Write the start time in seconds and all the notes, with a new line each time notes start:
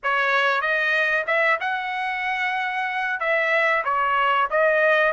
0.03 C#5
0.61 D#5
1.26 E5
1.60 F#5
3.19 E5
3.84 C#5
4.50 D#5